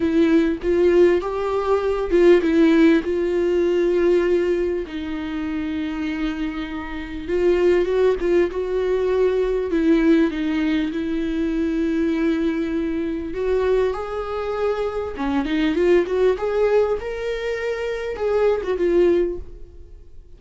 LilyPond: \new Staff \with { instrumentName = "viola" } { \time 4/4 \tempo 4 = 99 e'4 f'4 g'4. f'8 | e'4 f'2. | dis'1 | f'4 fis'8 f'8 fis'2 |
e'4 dis'4 e'2~ | e'2 fis'4 gis'4~ | gis'4 cis'8 dis'8 f'8 fis'8 gis'4 | ais'2 gis'8. fis'16 f'4 | }